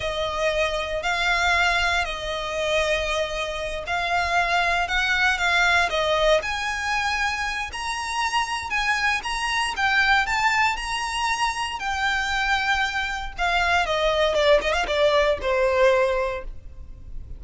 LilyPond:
\new Staff \with { instrumentName = "violin" } { \time 4/4 \tempo 4 = 117 dis''2 f''2 | dis''2.~ dis''8 f''8~ | f''4. fis''4 f''4 dis''8~ | dis''8 gis''2~ gis''8 ais''4~ |
ais''4 gis''4 ais''4 g''4 | a''4 ais''2 g''4~ | g''2 f''4 dis''4 | d''8 dis''16 f''16 d''4 c''2 | }